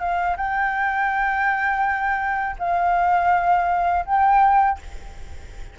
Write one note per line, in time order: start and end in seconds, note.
0.00 0.37 F5
0.37 2.56 G5
2.59 4.05 F5
4.06 4.79 G5